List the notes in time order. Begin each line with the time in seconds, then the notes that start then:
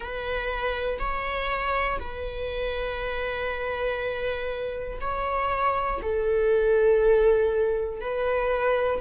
0.00 B4
0.99 C#5
1.99 B4
5.00 C#5
6.02 A4
8.00 B4